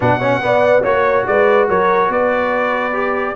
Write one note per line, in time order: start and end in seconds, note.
0.00 0.42 B2
0.00 0.20 D4
0.00 0.19 B4
0.00 0.83 F#5
0.19 0.41 C#4
0.19 0.40 C#5
0.41 0.83 B3
0.41 0.84 B3
0.41 0.81 D5
0.81 1.26 A#3
0.81 2.92 F#4
0.81 1.23 C#5
0.81 1.25 C#5
1.26 1.69 G#3
1.26 1.68 B4
1.26 1.68 D5
1.68 2.09 F#3
1.68 2.08 A#4
1.68 2.11 C#5
2.08 3.35 B3
2.08 3.34 B4
2.08 3.35 D5
2.92 3.34 G4